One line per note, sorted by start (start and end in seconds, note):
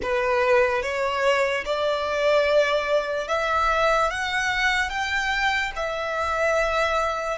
0.02 0.82 B4
0.82 1.64 C#5
1.65 3.28 D5
3.28 4.10 E5
4.10 4.89 F#5
4.89 5.71 G5
5.76 7.37 E5